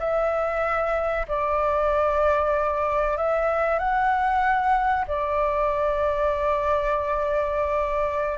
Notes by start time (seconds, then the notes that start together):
0.00 E5
1.29 D5
3.18 E5
3.79 F#5
5.08 D5